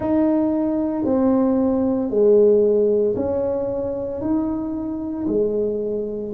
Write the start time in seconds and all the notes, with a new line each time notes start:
0.00 D#4
1.04 C4
2.10 G#3
3.16 C#4
4.21 D#4
5.27 G#3